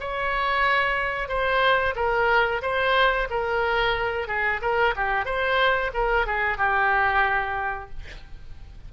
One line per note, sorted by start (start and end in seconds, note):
0.00 1.29 C#5
1.29 1.95 C5
1.96 2.62 A#4
2.62 3.28 C5
3.30 4.28 A#4
4.28 4.61 G#4
4.62 4.95 A#4
4.96 5.25 G4
5.25 5.91 C5
5.94 6.27 A#4
6.27 6.58 G#4
6.58 7.90 G4